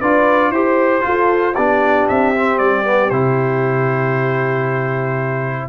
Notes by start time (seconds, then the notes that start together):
0.00 D4 F4 B4 D5
0.51 E4 G4 C5
1.02 F4 A4
1.54 B3 D4 G4 D5
2.09 C4 E5
2.36 C4
2.59 G3 D5
2.85 B3
3.10 C3 E4 C5